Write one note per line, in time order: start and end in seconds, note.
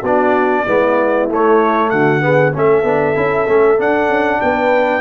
0.00 0.65 B3
0.00 0.67 D4
0.00 0.62 F#4
0.00 1.30 D5
0.65 1.30 G#3
0.65 1.29 B3
0.65 1.90 E4
1.30 1.92 A3
1.30 2.21 A3
1.30 1.90 C#5
1.90 2.55 D3
1.90 2.22 F#4
1.90 2.52 F#5
2.21 2.52 B3
2.21 2.53 G#4
2.52 2.83 A3
2.52 2.84 C#4
2.52 4.41 A4
2.52 3.81 E5
2.83 3.14 B3
2.83 3.15 D4
3.15 3.48 C#4
3.15 3.46 E4
3.48 3.79 A3
3.48 3.77 C#4
3.77 5.01 D4
3.77 4.09 D4
3.77 4.41 F#5
4.09 4.40 C#4
4.41 5.01 B3
4.41 5.01 B4
4.41 5.01 G5